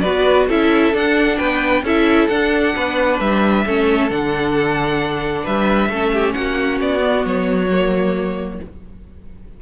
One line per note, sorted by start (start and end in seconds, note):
0.00 0.49 B3
0.00 0.49 F#4
0.00 0.47 B4
0.00 0.45 D5
0.47 0.93 C#4
0.47 0.93 E4
0.47 1.37 A4
0.47 0.96 E5
0.93 1.38 D4
0.93 1.83 D4
0.93 1.37 F#5
1.37 1.82 B3
1.37 1.83 B4
1.37 1.83 G5
1.82 2.27 C#4
1.82 2.30 E4
1.82 2.74 A4
1.82 2.27 E5
2.27 2.74 D4
2.27 3.65 D4
2.27 3.17 F#5
2.75 3.20 B3
2.75 3.65 B4
3.19 3.65 G3
3.19 4.10 E5
3.66 4.10 A3
3.66 4.09 C#4
3.66 5.43 A4
4.09 5.45 D3
4.09 5.90 D4
4.09 5.45 F#5
5.43 5.89 G3
5.43 5.88 B4
5.43 6.33 E5
5.89 6.34 A3
5.89 6.99 C#4
5.89 6.12 A4
6.13 6.35 G4
6.33 6.80 A#3
6.33 8.61 F#4
6.33 6.78 F#5
6.80 7.24 B3
6.80 7.25 D5
6.99 7.67 B3
7.24 8.59 F#3
7.24 8.61 C#5
7.72 8.62 A#3